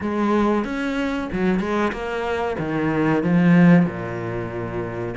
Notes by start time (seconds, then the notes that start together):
0.00 G#3
0.64 C#4
1.32 F#3
1.59 G#3
1.92 A#3
2.58 D#3
3.23 F3
3.85 A#2